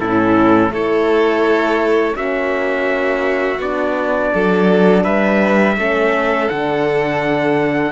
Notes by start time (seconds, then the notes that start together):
0.00 A2 C#4 E4 A4
0.69 A3 E4 A4 C#5
2.13 A#3 C#4 F#4 E5
3.59 B3 D4 D5
4.33 F#3 A4
5.03 G3 B4 E5
5.77 A3 C#4 A4
6.48 D3 D4 F#5